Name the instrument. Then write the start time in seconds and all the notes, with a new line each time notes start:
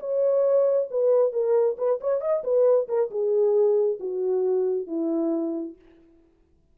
horn
0.00 C#5
0.91 B4
1.33 A#4
1.78 B4
2.01 C#5
2.21 D#5
2.44 B4
2.88 A#4
3.11 G#4
4.00 F#4
4.87 E4